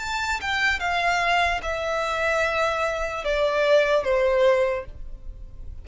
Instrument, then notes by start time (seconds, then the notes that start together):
violin
0.00 A5
0.41 G5
0.80 F5
1.63 E5
3.25 D5
4.04 C5